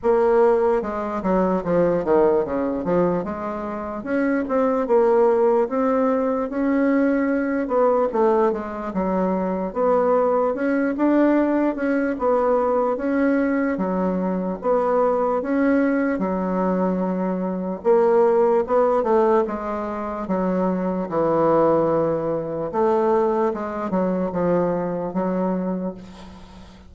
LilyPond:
\new Staff \with { instrumentName = "bassoon" } { \time 4/4 \tempo 4 = 74 ais4 gis8 fis8 f8 dis8 cis8 f8 | gis4 cis'8 c'8 ais4 c'4 | cis'4. b8 a8 gis8 fis4 | b4 cis'8 d'4 cis'8 b4 |
cis'4 fis4 b4 cis'4 | fis2 ais4 b8 a8 | gis4 fis4 e2 | a4 gis8 fis8 f4 fis4 | }